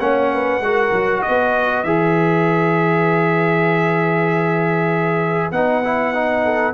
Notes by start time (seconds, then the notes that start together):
0.00 A#3 C#4 C#5 F#5
0.34 B4
0.61 G#3 F#4 A#4
0.92 F#3
1.22 B4 D#5
1.29 B3
1.84 E3 G#4 E5
5.52 B3 D#4 F#5
5.84 E4
6.14 D#4
6.44 A4